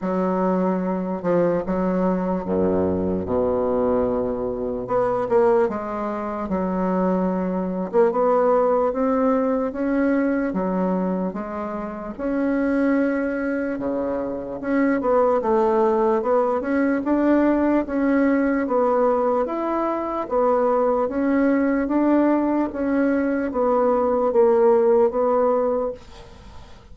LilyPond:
\new Staff \with { instrumentName = "bassoon" } { \time 4/4 \tempo 4 = 74 fis4. f8 fis4 fis,4 | b,2 b8 ais8 gis4 | fis4.~ fis16 ais16 b4 c'4 | cis'4 fis4 gis4 cis'4~ |
cis'4 cis4 cis'8 b8 a4 | b8 cis'8 d'4 cis'4 b4 | e'4 b4 cis'4 d'4 | cis'4 b4 ais4 b4 | }